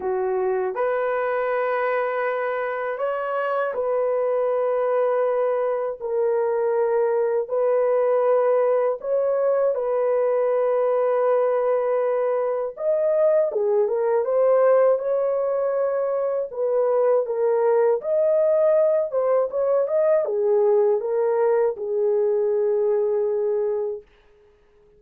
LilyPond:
\new Staff \with { instrumentName = "horn" } { \time 4/4 \tempo 4 = 80 fis'4 b'2. | cis''4 b'2. | ais'2 b'2 | cis''4 b'2.~ |
b'4 dis''4 gis'8 ais'8 c''4 | cis''2 b'4 ais'4 | dis''4. c''8 cis''8 dis''8 gis'4 | ais'4 gis'2. | }